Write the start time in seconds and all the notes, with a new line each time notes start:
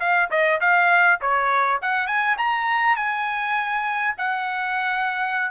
0.00 F5
0.31 D#5
0.60 F5
1.21 C#5
1.82 F#5
2.07 G#5
2.38 A#5
2.96 G#5
4.18 F#5